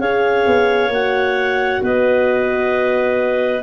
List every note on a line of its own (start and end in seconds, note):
0.00 0.45 C#4
0.00 0.91 G#4
0.00 1.82 C#5
0.00 0.92 F5
0.47 0.89 B3
0.89 1.80 A#3
0.89 3.63 F#4
0.89 1.84 F#5
1.83 3.63 B3
1.83 3.63 B4
1.83 3.63 D#5